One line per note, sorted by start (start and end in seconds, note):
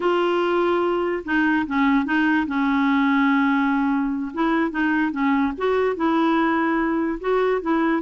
0.00 1.23 F4
1.24 1.66 D#4
1.66 2.05 C#4
2.05 2.46 D#4
2.47 4.32 C#4
4.33 4.71 E4
4.71 5.11 D#4
5.11 5.52 C#4
5.57 5.96 F#4
5.96 7.19 E4
7.20 7.61 F#4
7.61 8.02 E4